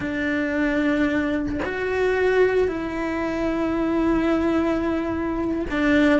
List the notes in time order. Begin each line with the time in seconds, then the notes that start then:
0.00 D4
1.65 F#4
2.68 E4
5.70 D4